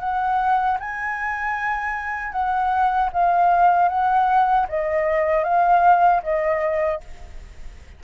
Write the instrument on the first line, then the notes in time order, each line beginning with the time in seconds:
flute
0.00 F#5
0.80 G#5
2.32 F#5
3.13 F5
3.89 F#5
4.69 D#5
5.44 F5
6.23 D#5